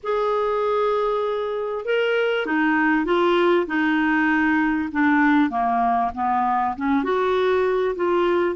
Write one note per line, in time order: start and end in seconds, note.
0.03 1.85 G#4
1.85 2.46 A#4
2.46 3.05 D#4
3.05 3.66 F4
3.67 4.89 D#4
4.91 5.49 D4
5.49 6.11 A#3
6.14 6.75 B3
6.76 7.03 C#4
7.03 7.95 F#4
7.95 8.55 F4